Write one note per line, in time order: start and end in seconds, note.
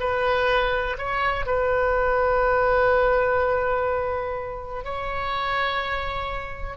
0.00 0.97 B4
0.98 1.46 C#5
1.46 4.84 B4
4.84 6.77 C#5